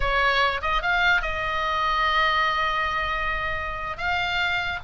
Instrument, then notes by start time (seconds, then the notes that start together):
oboe
0.00 C#5
0.61 D#5
0.81 F5
1.22 D#5
3.97 F5